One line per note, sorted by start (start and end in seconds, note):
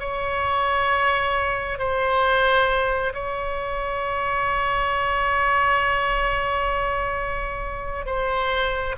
0.00 1.79 C#5
1.79 3.13 C5
3.14 8.06 C#5
8.06 8.96 C5